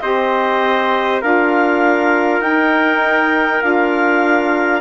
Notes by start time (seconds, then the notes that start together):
0.00 C4 G4 C5 D#5
1.21 D4 F4 A#4 F5
2.40 D#4 G5
3.61 D4 F4 F5